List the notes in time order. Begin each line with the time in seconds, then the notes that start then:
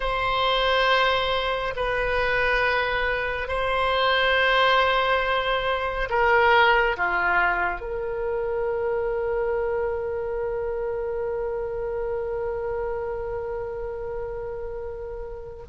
0.00 C5
1.75 B4
3.47 C5
6.09 A#4
6.96 F4
7.80 A#4